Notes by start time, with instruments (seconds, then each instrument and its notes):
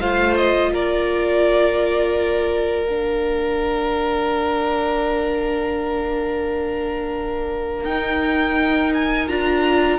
0.00 cello A3, viola F4, violin C5 F5
0.36 violin D#5
0.71 cello A#3, violin A#4 D5
2.86 viola D4, violin F5
7.84 cello D#4, viola D#4, violin G5
8.94 violin G#5
9.28 cello D4, viola F4, violin A#5